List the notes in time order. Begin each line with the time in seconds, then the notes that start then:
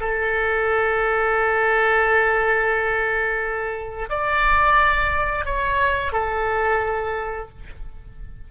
0.00 A4
4.09 D5
5.45 C#5
6.12 A4